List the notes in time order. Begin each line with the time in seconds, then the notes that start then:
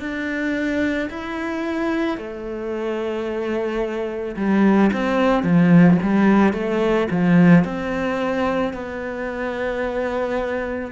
0.00 D4
1.10 E4
2.17 A3
4.36 G3
4.92 C4
5.43 F3
6.02 G3
6.53 A3
7.11 F3
7.64 C4
8.73 B3